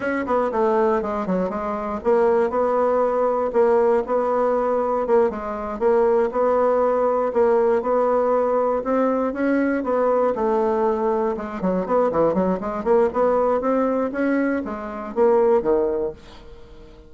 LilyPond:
\new Staff \with { instrumentName = "bassoon" } { \time 4/4 \tempo 4 = 119 cis'8 b8 a4 gis8 fis8 gis4 | ais4 b2 ais4 | b2 ais8 gis4 ais8~ | ais8 b2 ais4 b8~ |
b4. c'4 cis'4 b8~ | b8 a2 gis8 fis8 b8 | e8 fis8 gis8 ais8 b4 c'4 | cis'4 gis4 ais4 dis4 | }